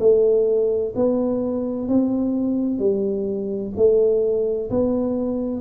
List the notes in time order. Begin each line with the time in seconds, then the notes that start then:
0.00 A3
0.95 B3
1.88 C4
2.79 G3
3.76 A3
4.70 B3